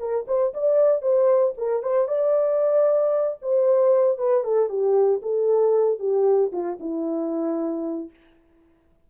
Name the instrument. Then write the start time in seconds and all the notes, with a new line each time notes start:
horn
0.00 A#4
0.28 C5
0.54 D5
1.02 C5
1.58 A#4
1.83 C5
2.08 D5
3.42 C5
4.18 B4
4.44 A4
4.69 G4
5.22 A4
6.00 G4
6.52 F4
6.80 E4